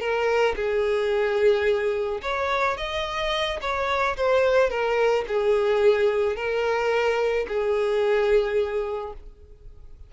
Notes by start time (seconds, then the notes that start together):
0.00 A#4
0.56 G#4
2.22 C#5
2.77 D#5
3.61 C#5
4.16 C5
4.70 A#4
5.27 G#4
6.36 A#4
7.48 G#4